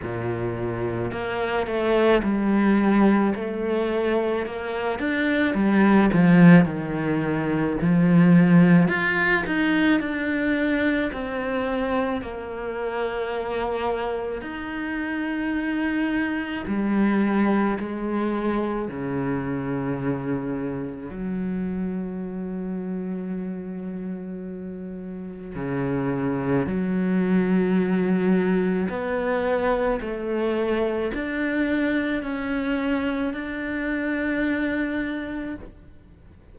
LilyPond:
\new Staff \with { instrumentName = "cello" } { \time 4/4 \tempo 4 = 54 ais,4 ais8 a8 g4 a4 | ais8 d'8 g8 f8 dis4 f4 | f'8 dis'8 d'4 c'4 ais4~ | ais4 dis'2 g4 |
gis4 cis2 fis4~ | fis2. cis4 | fis2 b4 a4 | d'4 cis'4 d'2 | }